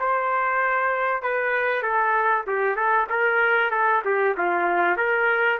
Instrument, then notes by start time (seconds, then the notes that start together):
trumpet
0.00 C5
1.23 B4
1.83 A4
2.47 G4
2.76 A4
3.10 A#4
3.72 A4
4.05 G4
4.38 F4
4.97 A#4